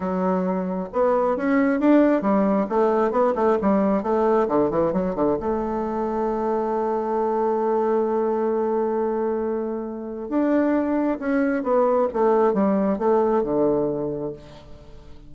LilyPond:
\new Staff \with { instrumentName = "bassoon" } { \time 4/4 \tempo 4 = 134 fis2 b4 cis'4 | d'4 g4 a4 b8 a8 | g4 a4 d8 e8 fis8 d8 | a1~ |
a1~ | a2. d'4~ | d'4 cis'4 b4 a4 | g4 a4 d2 | }